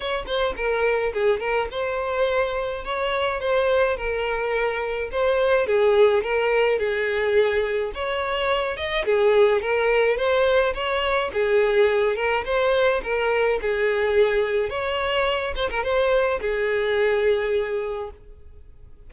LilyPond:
\new Staff \with { instrumentName = "violin" } { \time 4/4 \tempo 4 = 106 cis''8 c''8 ais'4 gis'8 ais'8 c''4~ | c''4 cis''4 c''4 ais'4~ | ais'4 c''4 gis'4 ais'4 | gis'2 cis''4. dis''8 |
gis'4 ais'4 c''4 cis''4 | gis'4. ais'8 c''4 ais'4 | gis'2 cis''4. c''16 ais'16 | c''4 gis'2. | }